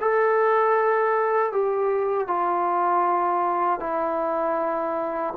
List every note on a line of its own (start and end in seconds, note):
0.00 1.52 A4
1.52 2.27 G4
2.27 3.79 F4
3.79 5.33 E4